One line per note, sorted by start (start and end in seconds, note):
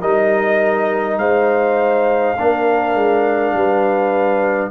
0.00 1.17 G3
0.00 2.37 D#4
0.00 1.18 A#4
0.00 1.18 D#5
1.17 2.34 G#3
1.17 2.37 C5
1.17 4.71 F5
2.38 2.94 A#3
2.38 4.71 D4
2.38 3.56 A#4
2.94 3.53 G#3
3.53 4.71 G3
3.53 4.71 B4